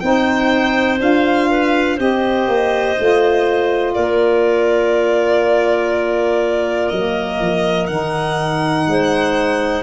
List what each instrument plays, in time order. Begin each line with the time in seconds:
0.00 tuba C4, saxophone D#4, clarinet C5, violin G5
0.99 tuba D4, saxophone F4, violin F5
1.50 clarinet B4
1.97 tuba C4, saxophone G4, clarinet C5, violin D#5
2.48 tuba A#3
2.99 tuba A3, saxophone F4
3.94 tuba A#3, clarinet A#4, violin D5
6.89 tuba F#3, saxophone A#3, violin D#5
7.40 tuba F3
7.87 tuba D#3, saxophone D#4, violin F#5
8.87 tuba G#3, clarinet C5